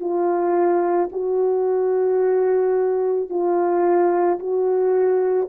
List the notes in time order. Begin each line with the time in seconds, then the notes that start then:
0.00 F4
1.12 F#4
3.30 F4
4.39 F#4